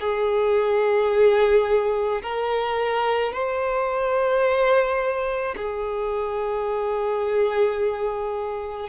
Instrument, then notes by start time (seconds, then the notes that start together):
violin
0.00 G#4
2.23 A#4
3.33 C5
5.57 G#4